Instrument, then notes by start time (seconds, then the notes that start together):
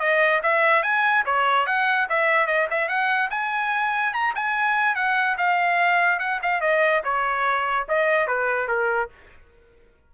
trumpet
0.00 D#5
0.43 E5
0.83 G#5
1.26 C#5
1.67 F#5
2.10 E5
2.47 D#5
2.71 E5
2.89 F#5
3.31 G#5
4.14 A#5
4.36 G#5
4.96 F#5
5.38 F5
6.20 F#5
6.43 F5
6.61 D#5
7.04 C#5
7.89 D#5
8.28 B4
8.68 A#4